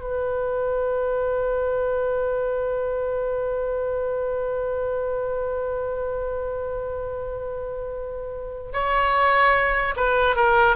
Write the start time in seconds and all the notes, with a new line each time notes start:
0.00 B4
8.73 C#5
9.96 B4
10.36 A#4